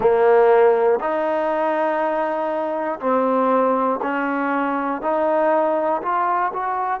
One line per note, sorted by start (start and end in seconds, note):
0.00 1.00 A#3
1.00 3.00 D#4
3.00 4.00 C4
4.02 5.01 C#4
5.01 6.01 D#4
6.02 6.52 F4
6.53 7.00 F#4